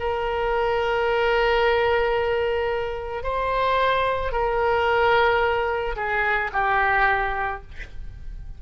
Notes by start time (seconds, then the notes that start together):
0.00 A#4
3.23 C5
4.32 A#4
5.97 G#4
6.53 G4